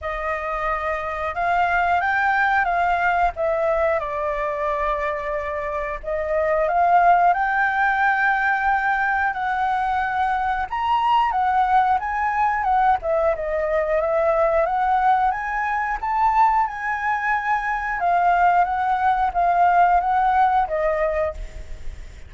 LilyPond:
\new Staff \with { instrumentName = "flute" } { \time 4/4 \tempo 4 = 90 dis''2 f''4 g''4 | f''4 e''4 d''2~ | d''4 dis''4 f''4 g''4~ | g''2 fis''2 |
ais''4 fis''4 gis''4 fis''8 e''8 | dis''4 e''4 fis''4 gis''4 | a''4 gis''2 f''4 | fis''4 f''4 fis''4 dis''4 | }